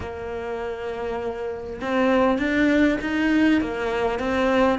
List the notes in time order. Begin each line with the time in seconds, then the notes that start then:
0.00 A#3
1.81 C4
2.38 D4
3.01 D#4
3.61 A#3
4.19 C4